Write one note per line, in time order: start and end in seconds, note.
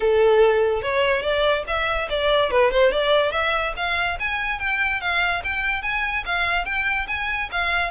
0.00 0.82 A4
0.82 1.22 C#5
1.22 1.63 D5
1.67 2.08 E5
2.09 2.50 D5
2.50 2.71 B4
2.71 2.91 C5
2.91 3.31 D5
3.31 3.73 E5
3.76 4.18 F5
4.19 4.59 G#5
4.59 5.00 G5
5.00 5.42 F5
5.44 5.82 G5
5.82 6.24 G#5
6.25 6.65 F5
6.65 7.07 G5
7.07 7.49 G#5
7.51 7.91 F5